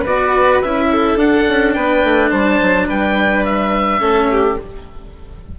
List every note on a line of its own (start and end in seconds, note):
0.00 0.61 B3
0.00 0.85 B4
0.06 0.63 F#4
0.06 0.61 D5
0.61 1.15 C#4
0.61 1.17 E4
0.61 1.18 E5
0.92 1.75 A4
1.15 1.43 D4
1.15 3.99 D4
1.15 1.73 F#5
1.48 1.76 C#4
1.73 2.03 B3
1.73 2.29 B4
1.73 2.29 G5
2.03 2.31 A3
2.29 2.60 G3
2.29 2.86 C5
2.29 2.87 A5
2.61 2.89 F#3
2.86 4.01 G3
2.86 3.99 B4
2.86 3.45 G5
3.45 4.58 E5
3.99 4.57 A3
3.99 4.56 C#4
3.99 4.27 A4
4.31 4.59 G4